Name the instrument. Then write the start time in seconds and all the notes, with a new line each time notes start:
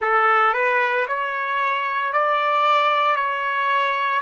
trumpet
0.00 A4
0.53 B4
1.07 C#5
2.12 D5
3.16 C#5